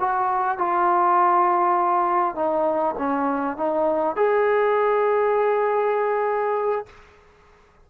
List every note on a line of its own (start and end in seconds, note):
0.00 0.58 F#4
0.58 2.35 F4
2.35 2.95 D#4
2.98 3.57 C#4
3.57 4.16 D#4
4.16 6.86 G#4